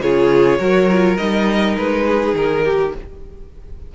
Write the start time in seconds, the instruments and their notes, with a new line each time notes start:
0.00 cello C#3, viola F4, violin G#4 C#5
0.58 cello F#3, viola F#4, violin A#4
0.90 viola F4
1.17 cello G3, viola D#4, violin D#5
1.77 cello G#3, violin B4
2.07 violin G#4
2.33 cello D#3, violin A#4
2.64 violin G4